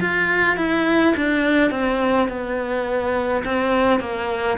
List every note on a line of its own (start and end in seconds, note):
0.00 0.57 F4
0.57 1.14 E4
1.16 1.70 D4
1.70 2.28 C4
2.28 3.44 B3
3.45 4.00 C4
4.00 4.57 A#3